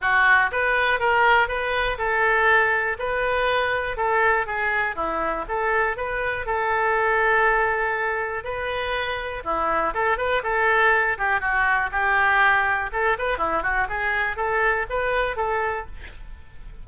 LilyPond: \new Staff \with { instrumentName = "oboe" } { \time 4/4 \tempo 4 = 121 fis'4 b'4 ais'4 b'4 | a'2 b'2 | a'4 gis'4 e'4 a'4 | b'4 a'2.~ |
a'4 b'2 e'4 | a'8 b'8 a'4. g'8 fis'4 | g'2 a'8 b'8 e'8 fis'8 | gis'4 a'4 b'4 a'4 | }